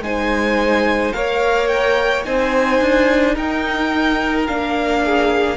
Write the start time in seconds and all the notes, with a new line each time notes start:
0.00 G#3 D#4 C5 G#5
1.12 A#3 A#4 C#5 F5
1.68 G5
2.24 C4 D#4 C5 G#5
2.81 D4
3.34 D#4 A#4 G5
4.46 A#3 D4 F5
5.05 G#4